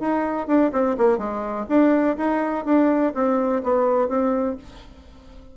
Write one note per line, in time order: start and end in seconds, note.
0.00 0.47 D#4
0.47 0.71 D4
0.73 0.97 C4
0.98 1.18 A#3
1.18 1.66 G#3
1.69 2.17 D4
2.17 2.65 D#4
2.65 3.13 D4
3.14 3.62 C4
3.63 4.08 B3
4.08 4.56 C4